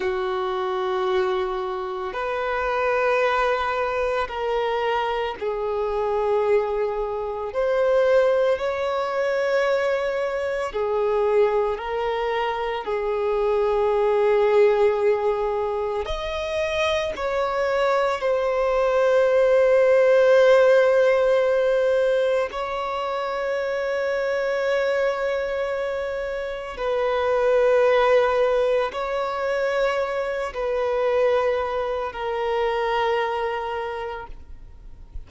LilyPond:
\new Staff \with { instrumentName = "violin" } { \time 4/4 \tempo 4 = 56 fis'2 b'2 | ais'4 gis'2 c''4 | cis''2 gis'4 ais'4 | gis'2. dis''4 |
cis''4 c''2.~ | c''4 cis''2.~ | cis''4 b'2 cis''4~ | cis''8 b'4. ais'2 | }